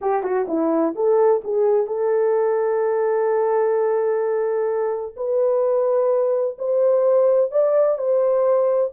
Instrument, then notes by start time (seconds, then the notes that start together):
horn
0.01 G4
0.23 F#4
0.48 E4
0.95 A4
1.43 G#4
1.86 A4
5.16 B4
6.58 C5
7.51 D5
7.98 C5